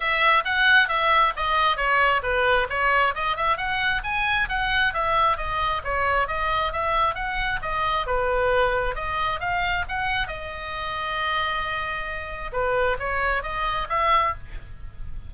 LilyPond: \new Staff \with { instrumentName = "oboe" } { \time 4/4 \tempo 4 = 134 e''4 fis''4 e''4 dis''4 | cis''4 b'4 cis''4 dis''8 e''8 | fis''4 gis''4 fis''4 e''4 | dis''4 cis''4 dis''4 e''4 |
fis''4 dis''4 b'2 | dis''4 f''4 fis''4 dis''4~ | dis''1 | b'4 cis''4 dis''4 e''4 | }